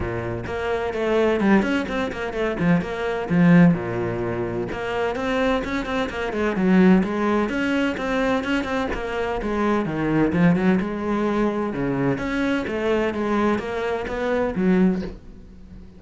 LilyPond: \new Staff \with { instrumentName = "cello" } { \time 4/4 \tempo 4 = 128 ais,4 ais4 a4 g8 cis'8 | c'8 ais8 a8 f8 ais4 f4 | ais,2 ais4 c'4 | cis'8 c'8 ais8 gis8 fis4 gis4 |
cis'4 c'4 cis'8 c'8 ais4 | gis4 dis4 f8 fis8 gis4~ | gis4 cis4 cis'4 a4 | gis4 ais4 b4 fis4 | }